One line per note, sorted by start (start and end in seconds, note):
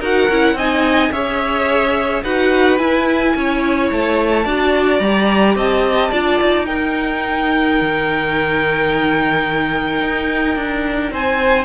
0.00 0.28 D#4
0.00 0.30 F#4
0.00 0.56 A#4
0.00 0.59 F#5
0.29 0.54 C#4
0.29 0.59 E4
0.54 1.09 C4
0.54 1.13 D#4
0.54 1.12 D#5
0.54 1.12 G#5
1.12 2.23 C#4
1.12 2.25 G#4
1.12 2.23 C#5
1.12 2.23 E5
2.23 2.79 D#4
2.23 2.79 F#4
2.23 3.34 B4
2.23 2.78 F#5
2.78 4.46 E4
2.78 3.35 E4
2.78 3.89 G#5
3.36 3.91 C#4
3.36 4.45 C#5
3.92 4.46 A3
3.92 4.99 A5
4.45 5.00 D4
4.45 5.01 F#4
4.45 5.56 D5
4.99 5.56 G3
4.99 6.12 G4
4.99 5.55 A#5
5.56 6.11 C4
5.56 6.11 D#5
5.56 6.66 A5
6.11 6.40 D4
6.11 6.66 F4
6.11 6.67 D5
6.41 7.80 D#4
6.66 11.65 D#4
6.66 11.12 A#4
6.66 11.11 G5
7.81 10.01 D#3
10.01 10.56 D#4
10.56 11.11 D4
11.11 11.65 C4
11.11 11.65 C5
11.11 11.65 G#5